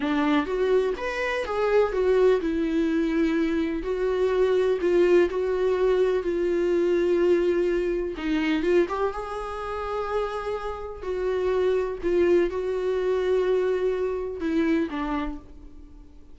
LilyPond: \new Staff \with { instrumentName = "viola" } { \time 4/4 \tempo 4 = 125 d'4 fis'4 b'4 gis'4 | fis'4 e'2. | fis'2 f'4 fis'4~ | fis'4 f'2.~ |
f'4 dis'4 f'8 g'8 gis'4~ | gis'2. fis'4~ | fis'4 f'4 fis'2~ | fis'2 e'4 d'4 | }